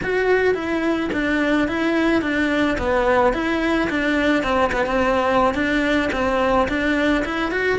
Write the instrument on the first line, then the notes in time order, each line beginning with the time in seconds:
cello
0.03 F#4
0.54 E4
1.12 D4
1.68 E4
2.21 D4
2.78 B3
3.33 E4
3.89 D4
4.43 C4
4.72 B3
4.85 C4
5.54 D4
6.12 C4
6.68 D4
7.24 E4
7.51 F#4